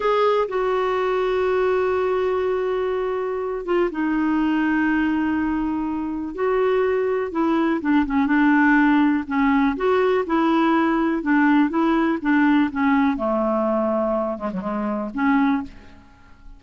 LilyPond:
\new Staff \with { instrumentName = "clarinet" } { \time 4/4 \tempo 4 = 123 gis'4 fis'2.~ | fis'2.~ fis'8 f'8 | dis'1~ | dis'4 fis'2 e'4 |
d'8 cis'8 d'2 cis'4 | fis'4 e'2 d'4 | e'4 d'4 cis'4 a4~ | a4. gis16 fis16 gis4 cis'4 | }